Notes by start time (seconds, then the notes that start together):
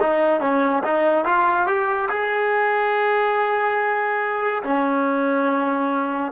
0.00 D#4
0.40 C#4
0.83 D#4
1.24 F4
1.66 G4
2.09 G#4
4.63 C#4